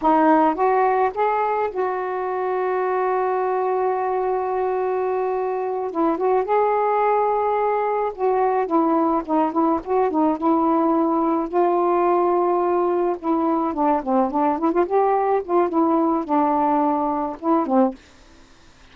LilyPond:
\new Staff \with { instrumentName = "saxophone" } { \time 4/4 \tempo 4 = 107 dis'4 fis'4 gis'4 fis'4~ | fis'1~ | fis'2~ fis'8 e'8 fis'8 gis'8~ | gis'2~ gis'8 fis'4 e'8~ |
e'8 dis'8 e'8 fis'8 dis'8 e'4.~ | e'8 f'2. e'8~ | e'8 d'8 c'8 d'8 e'16 f'16 g'4 f'8 | e'4 d'2 e'8 c'8 | }